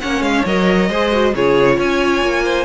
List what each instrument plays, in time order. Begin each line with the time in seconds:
0.00 cello A#3, viola C#4, violin C#5 F#5
0.20 cello G#3, violin F5
0.45 cello F#3, viola A#4, violin D#5
0.89 cello G#3, viola G#4, violin C5
1.11 viola F#4
1.35 cello C#3, viola F4, violin G#4 C#5
1.76 cello C#4, violin C#5 G#5
2.22 cello A#3
2.44 violin C5